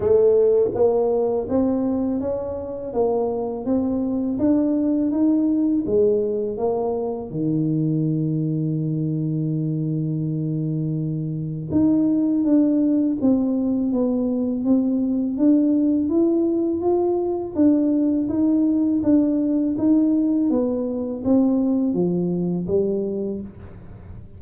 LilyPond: \new Staff \with { instrumentName = "tuba" } { \time 4/4 \tempo 4 = 82 a4 ais4 c'4 cis'4 | ais4 c'4 d'4 dis'4 | gis4 ais4 dis2~ | dis1 |
dis'4 d'4 c'4 b4 | c'4 d'4 e'4 f'4 | d'4 dis'4 d'4 dis'4 | b4 c'4 f4 g4 | }